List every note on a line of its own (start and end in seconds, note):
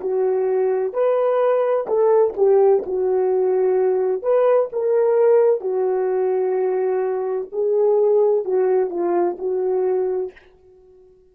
0.00 0.93 F#4
0.93 1.87 B4
1.87 2.34 A4
2.37 2.83 G4
2.86 4.22 F#4
4.22 4.69 B4
4.72 5.61 A#4
5.61 7.48 F#4
7.52 8.45 G#4
8.45 8.89 F#4
8.89 9.36 F4
9.38 10.32 F#4